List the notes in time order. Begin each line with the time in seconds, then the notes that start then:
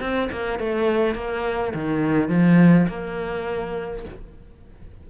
0.00 C4
0.32 A#3
0.59 A3
1.15 A#3
1.74 D#3
2.29 F3
2.88 A#3